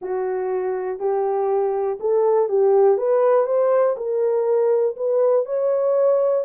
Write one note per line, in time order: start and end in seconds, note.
0.01 0.99 F#4
0.99 1.98 G4
2.00 2.48 A4
2.48 2.97 G4
2.97 3.46 B4
3.46 3.96 C5
3.97 4.96 A#4
4.96 5.45 B4
5.45 6.45 C#5